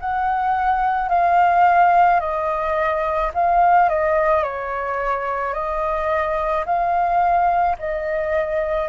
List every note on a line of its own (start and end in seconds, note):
0.00 1.09 F#5
1.09 2.20 F5
2.20 3.31 D#5
3.34 3.89 F5
3.89 4.43 D#5
4.43 5.54 C#5
5.54 6.65 D#5
6.65 7.76 F5
7.79 8.89 D#5